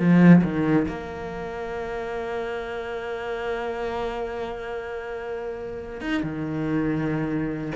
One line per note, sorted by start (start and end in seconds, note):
0.00 0.43 F3
0.44 0.87 D#3
0.88 6.02 A#3
6.02 6.23 D#4
6.23 7.73 D#3